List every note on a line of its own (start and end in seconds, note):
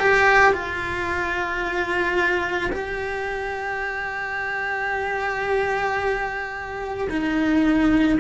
0.00 0.53 G4
0.53 2.71 F4
2.73 7.09 G4
7.10 8.19 D#4